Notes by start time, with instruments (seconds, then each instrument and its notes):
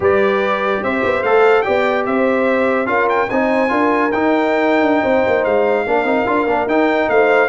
0.00 tuba G3, trombone G4, horn B4, trumpet D5
0.82 tuba C4, horn C5, trumpet E5
1.03 tuba B3
1.22 tuba A3, trombone A4, trumpet F5
1.62 tuba B3, trombone G4, horn D5, trumpet G5
2.06 tuba C4, horn C5, trumpet E5
2.86 tuba C#4, trombone F4, horn A#4, trumpet F5
3.09 trumpet G5
3.29 tuba C4, trombone D#4, horn C5, trumpet G#5
3.69 tuba D4, trombone F4, horn A#4
4.11 tuba D#4, trombone D#4, trumpet G5
4.81 tuba D4
5.02 tuba C4, horn C5
5.27 tuba A#3
5.44 tuba G#3, trumpet F5
5.86 tuba A#3, trombone D4, horn A#4
6.04 tuba C4, trombone D#4
6.26 tuba D4, trombone F4
6.46 tuba A#3, trombone D4
6.66 tuba D#4, trombone D#4, trumpet G5
7.08 tuba A3, horn C5, trumpet F5